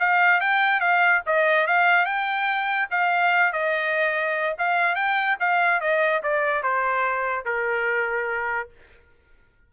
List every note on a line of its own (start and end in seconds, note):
0.00 0.41 F5
0.41 0.80 G5
0.80 1.22 F5
1.27 1.67 D#5
1.67 2.06 F5
2.06 2.88 G5
2.91 3.53 F5
3.53 4.56 D#5
4.58 4.95 F5
4.95 5.37 G5
5.40 5.81 F5
5.81 6.22 D#5
6.23 6.63 D5
6.63 7.45 C5
7.45 8.70 A#4